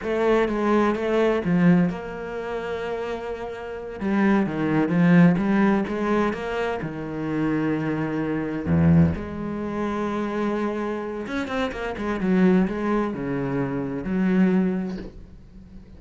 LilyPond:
\new Staff \with { instrumentName = "cello" } { \time 4/4 \tempo 4 = 128 a4 gis4 a4 f4 | ais1~ | ais8 g4 dis4 f4 g8~ | g8 gis4 ais4 dis4.~ |
dis2~ dis8 e,4 gis8~ | gis1 | cis'8 c'8 ais8 gis8 fis4 gis4 | cis2 fis2 | }